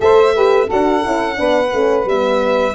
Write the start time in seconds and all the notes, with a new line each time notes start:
0.00 A3 A4 C5 E5
0.34 G4 B4
0.66 D4 F#4 A4 F#5
1.05 C#4 E4
1.36 B3 D4 B4
1.73 A3 C#4
2.04 G3 B3 E5